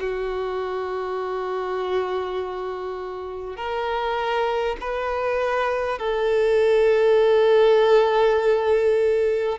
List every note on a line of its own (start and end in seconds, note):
0.00 3.57 F#4
3.57 4.77 A#4
4.81 5.99 B4
5.99 9.59 A4